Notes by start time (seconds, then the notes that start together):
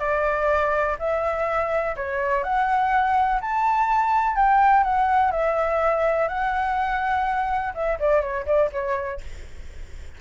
0.00 D5
0.99 E5
1.97 C#5
2.44 F#5
3.41 A5
4.36 G5
4.84 F#5
5.32 E5
6.29 F#5
7.75 E5
8.00 D5
8.22 C#5
8.46 D5
8.73 C#5